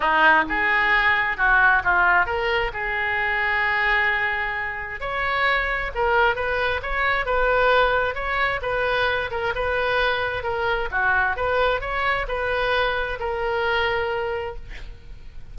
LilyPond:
\new Staff \with { instrumentName = "oboe" } { \time 4/4 \tempo 4 = 132 dis'4 gis'2 fis'4 | f'4 ais'4 gis'2~ | gis'2. cis''4~ | cis''4 ais'4 b'4 cis''4 |
b'2 cis''4 b'4~ | b'8 ais'8 b'2 ais'4 | fis'4 b'4 cis''4 b'4~ | b'4 ais'2. | }